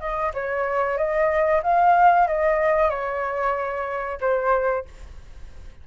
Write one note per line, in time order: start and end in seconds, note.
0.00 0.32 D#5
0.34 0.97 C#5
0.97 1.62 D#5
1.63 2.27 F5
2.27 2.90 D#5
2.90 4.19 C#5
4.21 4.85 C5